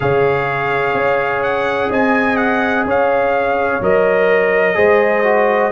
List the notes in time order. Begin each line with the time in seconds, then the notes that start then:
0.00 C#3 G#4 C#5 F5
0.93 C#4
1.42 F#5
1.89 C4 D#5 G#5
2.36 F#5
2.85 C#4 C#5 F5
3.80 F#3 A#4 D#5
4.74 G#3 G#4 C5
5.23 F#4